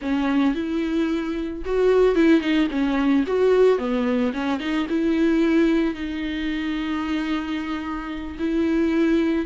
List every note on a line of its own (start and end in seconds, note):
0.01 0.55 C#4
0.55 1.63 E4
1.65 2.15 F#4
2.15 2.40 E4
2.40 2.67 D#4
2.70 3.24 C#4
3.26 3.78 F#4
3.78 4.32 B3
4.33 4.59 C#4
4.59 4.86 D#4
4.89 5.94 E4
5.94 8.37 D#4
8.39 9.45 E4